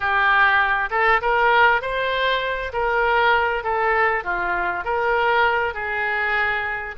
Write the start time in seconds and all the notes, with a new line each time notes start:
0.00 G4
0.90 A4
1.21 A#4
1.81 C5
2.72 A#4
3.63 A4
4.24 F4
4.84 A#4
5.74 G#4